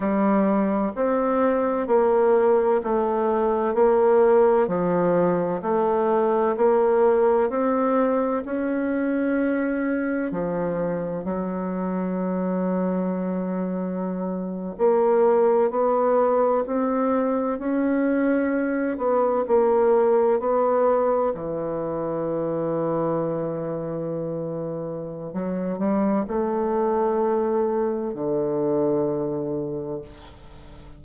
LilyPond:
\new Staff \with { instrumentName = "bassoon" } { \time 4/4 \tempo 4 = 64 g4 c'4 ais4 a4 | ais4 f4 a4 ais4 | c'4 cis'2 f4 | fis2.~ fis8. ais16~ |
ais8. b4 c'4 cis'4~ cis'16~ | cis'16 b8 ais4 b4 e4~ e16~ | e2. fis8 g8 | a2 d2 | }